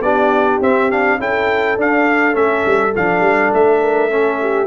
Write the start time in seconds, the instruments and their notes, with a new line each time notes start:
0.00 tuba B3, trombone D4, horn G4, trumpet D5
0.60 tuba C4, trombone C4, trumpet E5
0.90 trombone D4, trumpet F5
1.18 tuba C#4, trombone E4, horn A4, trumpet G5
1.76 tuba D4, trombone D4, trumpet F5
2.32 tuba A3, trombone C#4, trumpet E5
2.65 tuba G3
2.95 tuba F3, trombone D4, trumpet F5
3.20 tuba G3
3.52 tuba A3, trumpet E5
3.81 horn A#4
4.10 trombone C#4, horn A4
4.41 horn G4